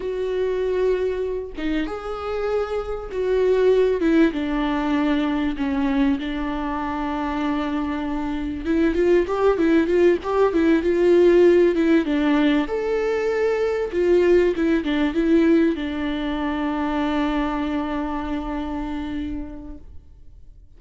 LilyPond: \new Staff \with { instrumentName = "viola" } { \time 4/4 \tempo 4 = 97 fis'2~ fis'8 dis'8 gis'4~ | gis'4 fis'4. e'8 d'4~ | d'4 cis'4 d'2~ | d'2 e'8 f'8 g'8 e'8 |
f'8 g'8 e'8 f'4. e'8 d'8~ | d'8 a'2 f'4 e'8 | d'8 e'4 d'2~ d'8~ | d'1 | }